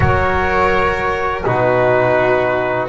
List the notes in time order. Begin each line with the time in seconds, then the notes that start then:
0.00 F#3 F#4 A#4 C#5
1.45 B2 D#4 F#4 B4